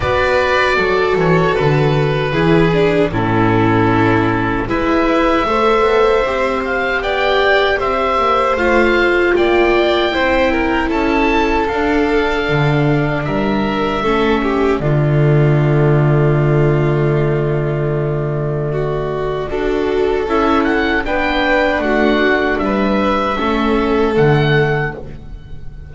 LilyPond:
<<
  \new Staff \with { instrumentName = "oboe" } { \time 4/4 \tempo 4 = 77 d''4. cis''8 b'2 | a'2 e''2~ | e''8 f''8 g''4 e''4 f''4 | g''2 a''4 f''4~ |
f''4 e''2 d''4~ | d''1~ | d''2 e''8 fis''8 g''4 | fis''4 e''2 fis''4 | }
  \new Staff \with { instrumentName = "violin" } { \time 4/4 b'4 a'2 gis'4 | e'2 b'4 c''4~ | c''4 d''4 c''2 | d''4 c''8 ais'8 a'2~ |
a'4 ais'4 a'8 g'8 f'4~ | f'1 | fis'4 a'2 b'4 | fis'4 b'4 a'2 | }
  \new Staff \with { instrumentName = "viola" } { \time 4/4 fis'2. e'8 d'8 | cis'2 e'4 a'4 | g'2. f'4~ | f'4 e'2 d'4~ |
d'2 cis'4 a4~ | a1~ | a4 fis'4 e'4 d'4~ | d'2 cis'4 a4 | }
  \new Staff \with { instrumentName = "double bass" } { \time 4/4 b4 fis8 e8 d4 e4 | a,2 gis4 a8 b8 | c'4 b4 c'8 ais8 a4 | ais4 c'4 cis'4 d'4 |
d4 g4 a4 d4~ | d1~ | d4 d'4 cis'4 b4 | a4 g4 a4 d4 | }
>>